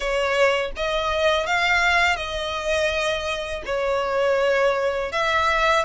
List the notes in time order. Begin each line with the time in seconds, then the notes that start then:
0.00 C#5
0.76 D#5
1.46 F5
2.16 D#5
3.65 C#5
5.12 E5